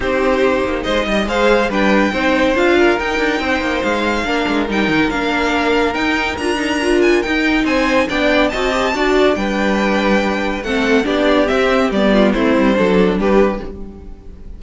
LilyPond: <<
  \new Staff \with { instrumentName = "violin" } { \time 4/4 \tempo 4 = 141 c''2 dis''4 f''4 | g''2 f''4 g''4~ | g''4 f''2 g''4 | f''2 g''4 ais''4~ |
ais''8 gis''8 g''4 gis''4 g''4 | a''2 g''2~ | g''4 fis''4 d''4 e''4 | d''4 c''2 b'4 | }
  \new Staff \with { instrumentName = "violin" } { \time 4/4 g'2 c''8 dis''8 c''4 | b'4 c''4. ais'4. | c''2 ais'2~ | ais'1~ |
ais'2 c''4 d''4 | dis''4 d''4 b'2~ | b'4 a'4 g'2~ | g'8 f'8 e'4 a'4 g'4 | }
  \new Staff \with { instrumentName = "viola" } { \time 4/4 dis'2. gis'4 | d'4 dis'4 f'4 dis'4~ | dis'2 d'4 dis'4 | d'2 dis'4 f'8 dis'8 |
f'4 dis'2 d'4 | fis'8 g'8 fis'4 d'2~ | d'4 c'4 d'4 c'4 | b4 c'4 d'2 | }
  \new Staff \with { instrumentName = "cello" } { \time 4/4 c'4. ais8 gis8 g8 gis4 | g4 c'4 d'4 dis'8 d'8 | c'8 ais8 gis4 ais8 gis8 g8 dis8 | ais2 dis'4 d'4~ |
d'4 dis'4 c'4 b4 | c'4 d'4 g2~ | g4 a4 b4 c'4 | g4 a8 g8 fis4 g4 | }
>>